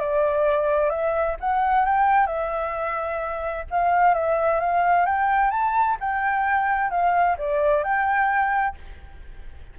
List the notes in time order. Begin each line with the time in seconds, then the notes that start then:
0.00 D5
0.90 E5
1.40 F#5
1.85 G5
2.26 E5
3.70 F5
4.14 E5
4.60 F5
5.06 G5
5.51 A5
6.00 G5
6.90 F5
7.38 D5
7.84 G5